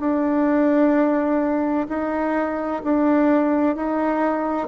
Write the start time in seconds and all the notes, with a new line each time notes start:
0.00 D4
1.89 D#4
2.84 D4
3.76 D#4